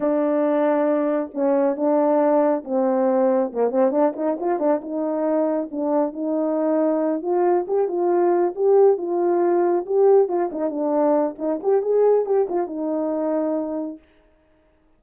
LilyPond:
\new Staff \with { instrumentName = "horn" } { \time 4/4 \tempo 4 = 137 d'2. cis'4 | d'2 c'2 | ais8 c'8 d'8 dis'8 f'8 d'8 dis'4~ | dis'4 d'4 dis'2~ |
dis'8 f'4 g'8 f'4. g'8~ | g'8 f'2 g'4 f'8 | dis'8 d'4. dis'8 g'8 gis'4 | g'8 f'8 dis'2. | }